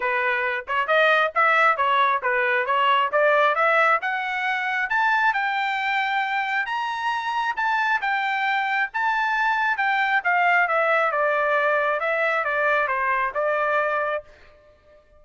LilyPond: \new Staff \with { instrumentName = "trumpet" } { \time 4/4 \tempo 4 = 135 b'4. cis''8 dis''4 e''4 | cis''4 b'4 cis''4 d''4 | e''4 fis''2 a''4 | g''2. ais''4~ |
ais''4 a''4 g''2 | a''2 g''4 f''4 | e''4 d''2 e''4 | d''4 c''4 d''2 | }